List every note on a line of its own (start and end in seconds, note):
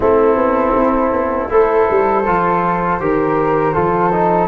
0.00 0.36 A3
0.00 1.49 C4
0.00 1.50 E4
0.00 1.50 A4
0.36 0.73 B3
0.75 1.12 C4
1.12 1.49 B3
1.49 1.88 A3
1.49 2.24 E4
1.49 3.01 A4
1.49 4.47 C5
1.90 2.27 G3
2.26 3.00 F3
2.26 3.00 F4
3.00 3.75 D#3
3.00 3.73 G4
3.00 3.74 A#4
3.73 4.47 F3
3.73 4.11 F4
3.73 4.47 A4
4.12 4.47 D#4